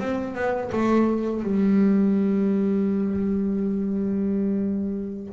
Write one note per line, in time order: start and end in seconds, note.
0.00 0.35 C4
0.35 0.71 B3
0.72 1.43 A3
1.43 5.34 G3